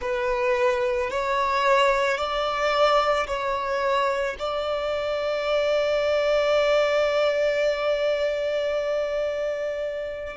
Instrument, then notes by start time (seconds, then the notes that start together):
violin
0.01 B4
1.10 C#5
2.17 D5
3.27 C#5
4.38 D5